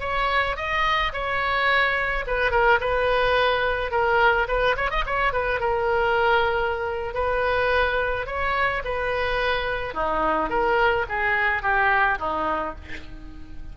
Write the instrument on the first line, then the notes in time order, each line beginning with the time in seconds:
oboe
0.00 C#5
0.56 D#5
1.13 C#5
2.27 B4
2.51 A#4
2.80 B4
3.91 A#4
4.48 B4
4.76 C#5
4.90 D#5
5.06 C#5
5.32 B4
5.60 A#4
7.14 B4
8.26 C#5
8.84 B4
9.94 D#4
10.50 A#4
11.08 G#4
11.62 G4
12.19 D#4